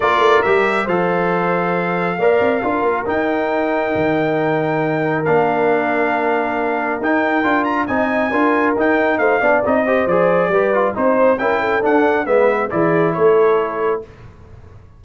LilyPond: <<
  \new Staff \with { instrumentName = "trumpet" } { \time 4/4 \tempo 4 = 137 d''4 e''4 f''2~ | f''2. g''4~ | g''1 | f''1 |
g''4. ais''8 gis''2 | g''4 f''4 dis''4 d''4~ | d''4 c''4 g''4 fis''4 | e''4 d''4 cis''2 | }
  \new Staff \with { instrumentName = "horn" } { \time 4/4 ais'2 c''2~ | c''4 d''4 ais'2~ | ais'1~ | ais'1~ |
ais'2 dis''4 ais'4~ | ais'4 c''8 d''4 c''4. | b'4 c''4 ais'8 a'4. | b'4 gis'4 a'2 | }
  \new Staff \with { instrumentName = "trombone" } { \time 4/4 f'4 g'4 a'2~ | a'4 ais'4 f'4 dis'4~ | dis'1 | d'1 |
dis'4 f'4 dis'4 f'4 | dis'4. d'8 dis'8 g'8 gis'4 | g'8 f'8 dis'4 e'4 d'4 | b4 e'2. | }
  \new Staff \with { instrumentName = "tuba" } { \time 4/4 ais8 a8 g4 f2~ | f4 ais8 c'8 d'8 ais8 dis'4~ | dis'4 dis2. | ais1 |
dis'4 d'4 c'4 d'4 | dis'4 a8 b8 c'4 f4 | g4 c'4 cis'4 d'4 | gis4 e4 a2 | }
>>